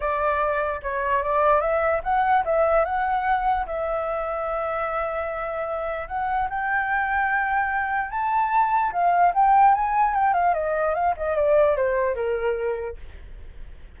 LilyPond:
\new Staff \with { instrumentName = "flute" } { \time 4/4 \tempo 4 = 148 d''2 cis''4 d''4 | e''4 fis''4 e''4 fis''4~ | fis''4 e''2.~ | e''2. fis''4 |
g''1 | a''2 f''4 g''4 | gis''4 g''8 f''8 dis''4 f''8 dis''8 | d''4 c''4 ais'2 | }